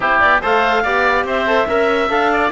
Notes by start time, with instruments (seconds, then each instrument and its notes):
0.00 cello C4, trombone E4, oboe G4, clarinet C5
0.20 cello B3, clarinet D5
0.41 cello A3, trombone A4, oboe C5, clarinet F5
0.83 cello B3, trombone G4, oboe D5
1.24 cello C4, oboe C5, clarinet E5
1.46 trombone A4
1.68 cello C#4, trombone A#4, oboe E5
2.08 cello D4, trombone A4, clarinet F5
2.32 oboe D5